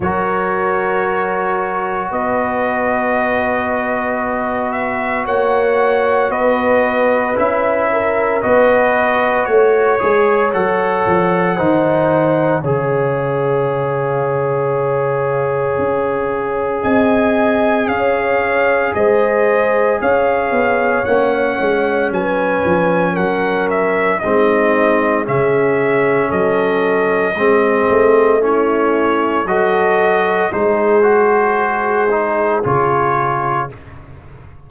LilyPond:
<<
  \new Staff \with { instrumentName = "trumpet" } { \time 4/4 \tempo 4 = 57 cis''2 dis''2~ | dis''8 e''8 fis''4 dis''4 e''4 | dis''4 cis''4 fis''2 | f''1 |
gis''4 f''4 dis''4 f''4 | fis''4 gis''4 fis''8 e''8 dis''4 | e''4 dis''2 cis''4 | dis''4 c''2 cis''4 | }
  \new Staff \with { instrumentName = "horn" } { \time 4/4 ais'2 b'2~ | b'4 cis''4 b'4. ais'8 | b'4 cis''2 c''4 | cis''1 |
dis''4 cis''4 c''4 cis''4~ | cis''4 b'4 ais'4 dis'4 | gis'4 a'4 gis'4 e'4 | a'4 gis'2. | }
  \new Staff \with { instrumentName = "trombone" } { \time 4/4 fis'1~ | fis'2. e'4 | fis'4. gis'8 a'4 dis'4 | gis'1~ |
gis'1 | cis'2. c'4 | cis'2 c'4 cis'4 | fis'4 dis'8 fis'4 dis'8 f'4 | }
  \new Staff \with { instrumentName = "tuba" } { \time 4/4 fis2 b2~ | b4 ais4 b4 cis'4 | b4 a8 gis8 fis8 f8 dis4 | cis2. cis'4 |
c'4 cis'4 gis4 cis'8 b8 | ais8 gis8 fis8 f8 fis4 gis4 | cis4 fis4 gis8 a4. | fis4 gis2 cis4 | }
>>